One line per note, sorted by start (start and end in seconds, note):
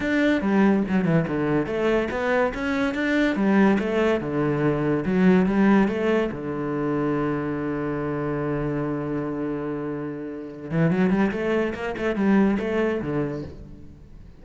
0.00 0.41 D4
0.41 0.83 G3
0.87 1.04 F#3
1.04 1.25 E3
1.27 1.66 D3
1.66 2.08 A3
2.11 2.53 B3
2.53 2.94 C#4
2.94 3.35 D4
3.35 3.77 G3
3.79 4.20 A3
4.20 5.04 D3
5.05 5.45 F#3
5.45 5.87 G3
5.88 6.30 A3
6.31 10.70 D3
10.70 10.91 E3
10.91 11.10 F#3
11.10 11.31 G3
11.31 11.73 A3
11.74 11.95 A#3
11.97 12.15 A3
12.15 12.57 G3
12.59 13.01 A3
13.01 13.43 D3